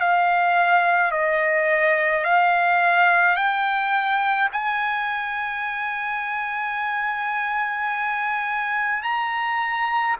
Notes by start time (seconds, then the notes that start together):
0.00 F5
1.12 D#5
2.24 F5
3.36 G5
4.52 G#5
9.03 A#5